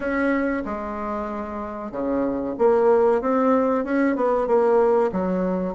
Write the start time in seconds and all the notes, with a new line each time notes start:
0.00 C#4
0.65 G#3
1.91 C#3
2.58 A#3
3.21 C4
3.84 C#4
4.15 B3
4.47 A#3
5.12 F#3